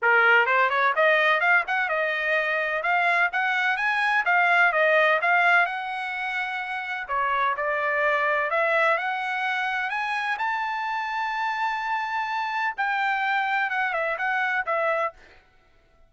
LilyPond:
\new Staff \with { instrumentName = "trumpet" } { \time 4/4 \tempo 4 = 127 ais'4 c''8 cis''8 dis''4 f''8 fis''8 | dis''2 f''4 fis''4 | gis''4 f''4 dis''4 f''4 | fis''2. cis''4 |
d''2 e''4 fis''4~ | fis''4 gis''4 a''2~ | a''2. g''4~ | g''4 fis''8 e''8 fis''4 e''4 | }